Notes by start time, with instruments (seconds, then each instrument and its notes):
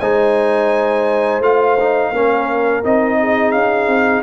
0.00 tuba G#3, trombone D#4, horn C5, trumpet G#5
1.40 tuba A3, trombone F4, trumpet F5
1.80 trombone D#4
2.13 tuba A#3, trombone C#4, horn A#4
2.84 tuba C4, trombone D#4, trumpet D#5
3.20 horn G#4
3.52 tuba C#4, trumpet F5
3.88 tuba C4